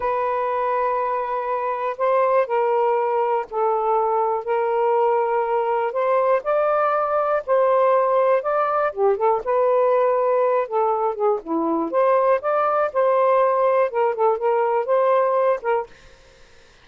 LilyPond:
\new Staff \with { instrumentName = "saxophone" } { \time 4/4 \tempo 4 = 121 b'1 | c''4 ais'2 a'4~ | a'4 ais'2. | c''4 d''2 c''4~ |
c''4 d''4 g'8 a'8 b'4~ | b'4. a'4 gis'8 e'4 | c''4 d''4 c''2 | ais'8 a'8 ais'4 c''4. ais'8 | }